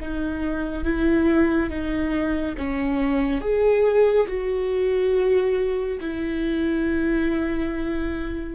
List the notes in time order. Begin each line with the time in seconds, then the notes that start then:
0.00 D#4
0.84 E4
1.69 D#4
2.58 C#4
3.41 G#4
4.27 F#4
6.00 E4